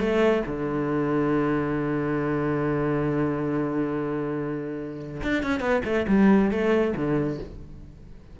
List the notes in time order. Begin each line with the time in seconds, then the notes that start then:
0.00 A3
0.47 D3
5.23 D4
5.43 C#4
5.60 B3
5.85 A3
6.08 G3
6.51 A3
6.96 D3